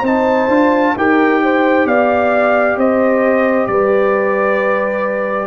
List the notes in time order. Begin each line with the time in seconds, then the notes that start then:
0.00 C4 D#4 C5 A5
0.48 D4 F4
0.96 D#4 G4 A#4 G5
1.43 C5
1.85 B3 D5 F5
2.77 C4 C5 D#5
3.67 G3 B4 D5